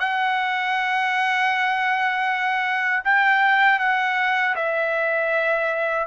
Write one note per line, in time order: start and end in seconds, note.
0.00 3.04 F#5
3.05 3.80 G5
3.80 4.56 F#5
4.56 6.08 E5